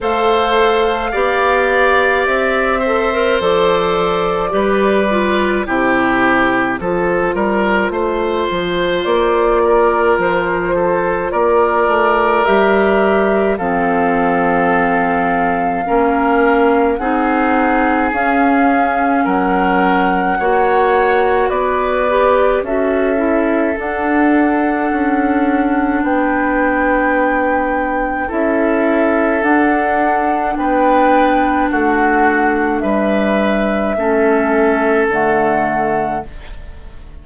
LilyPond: <<
  \new Staff \with { instrumentName = "flute" } { \time 4/4 \tempo 4 = 53 f''2 e''4 d''4~ | d''4 c''2. | d''4 c''4 d''4 e''4 | f''2. fis''4 |
f''4 fis''2 d''4 | e''4 fis''2 g''4~ | g''4 e''4 fis''4 g''4 | fis''4 e''2 fis''4 | }
  \new Staff \with { instrumentName = "oboe" } { \time 4/4 c''4 d''4. c''4. | b'4 g'4 a'8 ais'8 c''4~ | c''8 ais'4 a'8 ais'2 | a'2 ais'4 gis'4~ |
gis'4 ais'4 cis''4 b'4 | a'2. b'4~ | b'4 a'2 b'4 | fis'4 b'4 a'2 | }
  \new Staff \with { instrumentName = "clarinet" } { \time 4/4 a'4 g'4. a'16 ais'16 a'4 | g'8 f'8 e'4 f'2~ | f'2. g'4 | c'2 cis'4 dis'4 |
cis'2 fis'4. g'8 | fis'8 e'8 d'2.~ | d'4 e'4 d'2~ | d'2 cis'4 a4 | }
  \new Staff \with { instrumentName = "bassoon" } { \time 4/4 a4 b4 c'4 f4 | g4 c4 f8 g8 a8 f8 | ais4 f4 ais8 a8 g4 | f2 ais4 c'4 |
cis'4 fis4 ais4 b4 | cis'4 d'4 cis'4 b4~ | b4 cis'4 d'4 b4 | a4 g4 a4 d4 | }
>>